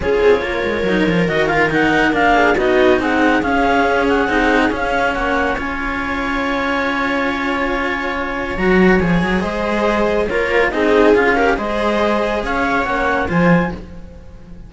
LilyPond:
<<
  \new Staff \with { instrumentName = "clarinet" } { \time 4/4 \tempo 4 = 140 cis''2. dis''8 f''8 | fis''4 f''4 dis''4 fis''4 | f''4. fis''4. f''4 | fis''4 gis''2.~ |
gis''1 | ais''4 gis''4 dis''2 | cis''4 dis''4 f''4 dis''4~ | dis''4 f''4 fis''4 gis''4 | }
  \new Staff \with { instrumentName = "viola" } { \time 4/4 gis'4 ais'2.~ | ais'4. gis'8 fis'4 gis'4~ | gis'1 | cis''1~ |
cis''1~ | cis''2 c''2 | ais'4 gis'4. ais'8 c''4~ | c''4 cis''2 c''4 | }
  \new Staff \with { instrumentName = "cello" } { \time 4/4 f'2 dis'8 f'8 fis'8 f'8 | dis'4 d'4 dis'2 | cis'2 dis'4 cis'4~ | cis'4 f'2.~ |
f'1 | fis'4 gis'2. | f'4 dis'4 f'8 g'8 gis'4~ | gis'2 cis'4 f'4 | }
  \new Staff \with { instrumentName = "cello" } { \time 4/4 cis'8 c'8 ais8 gis8 fis8 f8 dis4~ | dis4 ais4 b4 c'4 | cis'2 c'4 cis'4 | ais4 cis'2.~ |
cis'1 | fis4 f8 fis8 gis2 | ais4 c'4 cis'4 gis4~ | gis4 cis'4 ais4 f4 | }
>>